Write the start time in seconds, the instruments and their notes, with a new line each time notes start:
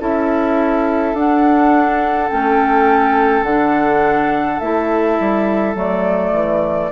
0.00 bassoon C#4, clarinet E4, oboe A4, flute E5
1.14 bassoon D4, clarinet D4, flute F#5
2.29 bassoon A3, clarinet C#4, flute G5
3.43 bassoon D3, clarinet D4, flute F#5
4.60 bassoon A3, clarinet E4, flute E5
5.20 bassoon G3
5.75 bassoon F#3, clarinet A3, flute D5
6.32 bassoon E3